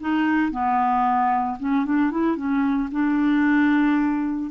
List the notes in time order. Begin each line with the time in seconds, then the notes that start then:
0.00 D#4
0.51 B3
1.60 C#4
1.86 D4
2.11 E4
2.36 C#4
2.91 D4